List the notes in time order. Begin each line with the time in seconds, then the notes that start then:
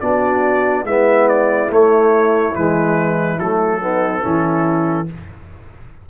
0.00 B3 D4 F#4 D5
0.84 G#3 B3 E4 E5
1.28 D5
1.70 A3 C#5
2.55 E3 G#3 B4
3.38 F#3 A3 A4
3.81 B3 D#4
4.21 E3 C#4 E4